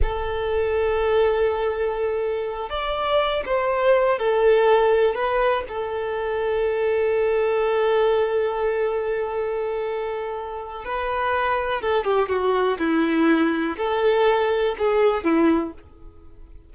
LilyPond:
\new Staff \with { instrumentName = "violin" } { \time 4/4 \tempo 4 = 122 a'1~ | a'4. d''4. c''4~ | c''8 a'2 b'4 a'8~ | a'1~ |
a'1~ | a'2 b'2 | a'8 g'8 fis'4 e'2 | a'2 gis'4 e'4 | }